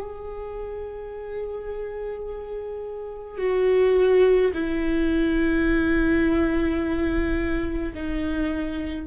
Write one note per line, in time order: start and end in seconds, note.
0.00 3.38 G#4
3.38 4.51 F#4
4.54 7.93 E4
7.94 9.07 D#4